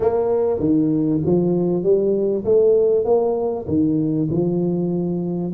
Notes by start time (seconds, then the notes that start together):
0.00 A#3
0.59 D#3
1.25 F3
1.83 G3
2.45 A3
3.04 A#3
3.67 D#3
4.30 F3